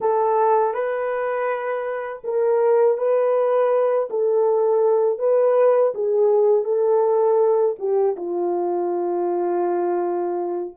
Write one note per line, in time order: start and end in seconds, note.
0.00 0.74 A4
0.74 2.22 B4
2.24 2.97 A#4
2.97 4.08 B4
4.10 5.18 A4
5.18 5.92 B4
5.94 6.64 G#4
6.64 7.75 A4
7.78 8.15 G4
8.16 10.75 F4